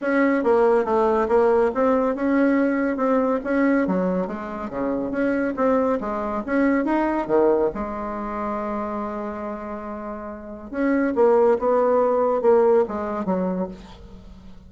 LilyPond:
\new Staff \with { instrumentName = "bassoon" } { \time 4/4 \tempo 4 = 140 cis'4 ais4 a4 ais4 | c'4 cis'2 c'4 | cis'4 fis4 gis4 cis4 | cis'4 c'4 gis4 cis'4 |
dis'4 dis4 gis2~ | gis1~ | gis4 cis'4 ais4 b4~ | b4 ais4 gis4 fis4 | }